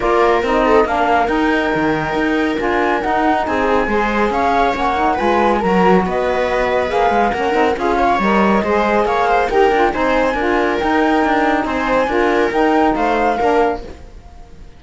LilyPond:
<<
  \new Staff \with { instrumentName = "flute" } { \time 4/4 \tempo 4 = 139 d''4 dis''4 f''4 g''4~ | g''2 gis''4 fis''4 | gis''2 f''4 fis''4 | gis''4 ais''4 dis''2 |
f''4 fis''4 f''4 dis''4~ | dis''4 f''4 g''4 gis''4~ | gis''4 g''2 gis''4~ | gis''4 g''4 f''2 | }
  \new Staff \with { instrumentName = "viola" } { \time 4/4 ais'4. a'8 ais'2~ | ais'1 | gis'4 c''4 cis''2 | b'4 ais'4 b'2~ |
b'4 ais'4 gis'8 cis''4. | c''4 cis''8 c''8 ais'4 c''4 | ais'2. c''4 | ais'2 c''4 ais'4 | }
  \new Staff \with { instrumentName = "saxophone" } { \time 4/4 f'4 dis'4 d'4 dis'4~ | dis'2 f'4 dis'4~ | dis'4 gis'2 cis'8 dis'8 | f'4 fis'2. |
gis'4 cis'8 dis'8 f'4 ais'4 | gis'2 g'8 f'8 dis'4 | f'4 dis'2. | f'4 dis'2 d'4 | }
  \new Staff \with { instrumentName = "cello" } { \time 4/4 ais4 c'4 ais4 dis'4 | dis4 dis'4 d'4 dis'4 | c'4 gis4 cis'4 ais4 | gis4 fis4 b2 |
ais8 gis8 ais8 c'8 cis'4 g4 | gis4 ais4 dis'8 d'8 c'4 | d'4 dis'4 d'4 c'4 | d'4 dis'4 a4 ais4 | }
>>